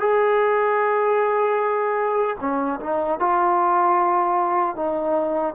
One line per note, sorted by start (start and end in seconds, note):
0.00 2.37 G#4
2.40 2.80 C#4
2.81 3.19 D#4
3.19 4.76 F4
4.76 5.55 D#4